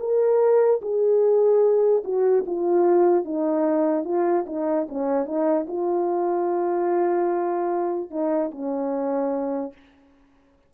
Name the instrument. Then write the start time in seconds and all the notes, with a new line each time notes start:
horn
0.00 A#4
0.82 G#4
2.04 F#4
2.47 F4
3.25 D#4
4.05 F4
4.47 D#4
4.89 C#4
5.26 D#4
5.68 F4
8.11 D#4
8.52 C#4